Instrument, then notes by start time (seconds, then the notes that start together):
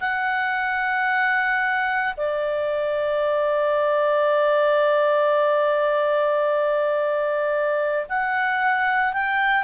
clarinet
0.00 F#5
2.17 D5
8.09 F#5
9.13 G5